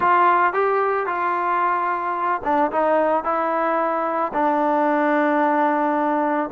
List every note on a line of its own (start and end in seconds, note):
0.00 0.53 F4
0.53 1.06 G4
1.06 2.41 F4
2.44 2.71 D4
2.71 3.24 D#4
3.24 4.32 E4
4.33 6.50 D4